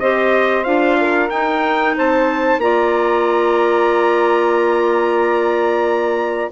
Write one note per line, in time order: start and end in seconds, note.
0.00 0.66 C4
0.00 0.65 G4
0.00 0.98 C5
0.00 0.64 D#5
0.64 1.30 D4
0.64 1.30 F4
0.64 1.29 F5
1.01 1.96 A#4
1.30 1.96 D#4
1.30 2.60 D#4
1.30 1.95 G5
1.96 2.58 C4
1.96 2.62 C5
1.96 2.61 A5
2.58 6.49 A#3
2.58 6.52 F4
2.58 6.52 D5
2.58 6.52 A#5